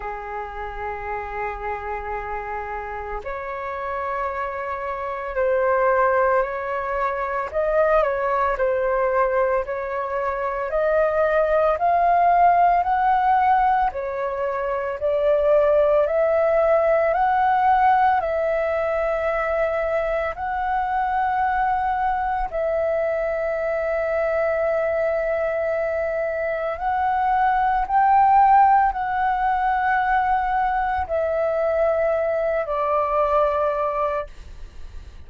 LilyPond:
\new Staff \with { instrumentName = "flute" } { \time 4/4 \tempo 4 = 56 gis'2. cis''4~ | cis''4 c''4 cis''4 dis''8 cis''8 | c''4 cis''4 dis''4 f''4 | fis''4 cis''4 d''4 e''4 |
fis''4 e''2 fis''4~ | fis''4 e''2.~ | e''4 fis''4 g''4 fis''4~ | fis''4 e''4. d''4. | }